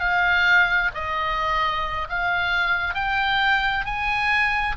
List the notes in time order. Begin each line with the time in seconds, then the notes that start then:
0.00 F5
0.95 D#5
2.10 F5
2.95 G5
3.85 G#5